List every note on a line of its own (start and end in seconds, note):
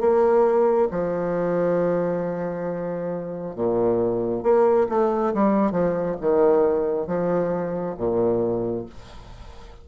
0.00 0.88 A#3
0.91 3.55 F3
3.55 4.43 A#2
4.43 4.87 A#3
4.89 5.33 A3
5.34 5.72 G3
5.72 6.16 F3
6.20 7.07 D#3
7.07 7.95 F3
7.97 8.86 A#2